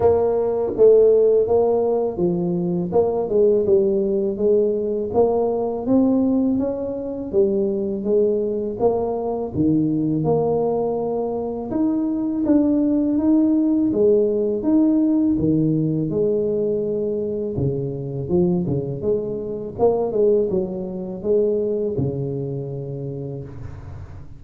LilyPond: \new Staff \with { instrumentName = "tuba" } { \time 4/4 \tempo 4 = 82 ais4 a4 ais4 f4 | ais8 gis8 g4 gis4 ais4 | c'4 cis'4 g4 gis4 | ais4 dis4 ais2 |
dis'4 d'4 dis'4 gis4 | dis'4 dis4 gis2 | cis4 f8 cis8 gis4 ais8 gis8 | fis4 gis4 cis2 | }